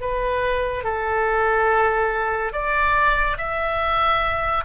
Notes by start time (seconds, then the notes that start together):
0.00 B4
0.83 A4
2.52 D5
3.37 E5